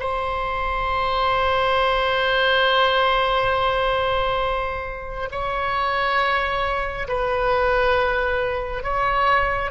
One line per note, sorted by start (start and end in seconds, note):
0.00 5.29 C5
5.31 7.08 C#5
7.08 8.84 B4
8.84 9.71 C#5